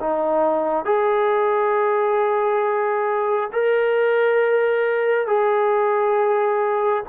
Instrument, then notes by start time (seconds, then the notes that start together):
trombone
0.00 D#4
0.85 G#4
3.52 A#4
5.27 G#4